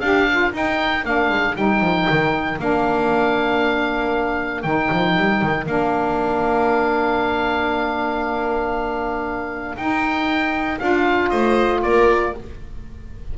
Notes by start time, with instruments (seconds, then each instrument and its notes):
0.00 double bass D4, saxophone G4, violin A#4, oboe F5
0.31 saxophone F4
0.52 saxophone D#4, double bass D#4, oboe G5
1.04 double bass A#3, saxophone D4, oboe F5
1.29 double bass G#3
1.55 double bass G3, saxophone D#4, oboe G5
1.80 double bass F3
2.10 double bass D#3
2.58 double bass A#3, saxophone D4, oboe F5
4.62 double bass D#3, saxophone D#4, oboe G5
4.92 double bass F3
5.16 double bass G3
5.42 double bass D#3
5.66 double bass A#3, saxophone D4, oboe F5
9.76 double bass D#4, saxophone D#4, oboe G5
10.79 double bass D4, saxophone F4, oboe F5
11.29 double bass A3, violin C5, oboe D#5
11.82 double bass A#3, violin A#4, oboe D5